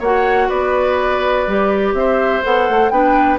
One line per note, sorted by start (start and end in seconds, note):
0.00 0.49 A#3
0.00 1.48 F#4
0.00 0.48 C#5
0.00 0.50 F#5
0.49 1.47 B3
0.49 1.94 B4
0.49 1.95 D5
1.47 1.94 G3
1.47 2.43 G4
1.94 2.42 C4
1.94 2.93 C5
1.94 2.44 E5
2.43 2.69 B3
2.43 2.92 A4
2.43 2.90 F#5
2.69 2.91 A3
2.90 3.39 B3
2.90 3.39 D4
2.90 3.39 B4
2.90 3.39 G5